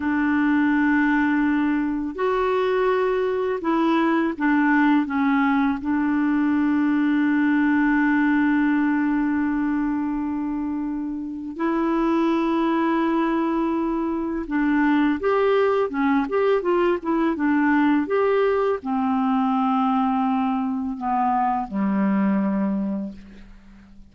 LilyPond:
\new Staff \with { instrumentName = "clarinet" } { \time 4/4 \tempo 4 = 83 d'2. fis'4~ | fis'4 e'4 d'4 cis'4 | d'1~ | d'1 |
e'1 | d'4 g'4 cis'8 g'8 f'8 e'8 | d'4 g'4 c'2~ | c'4 b4 g2 | }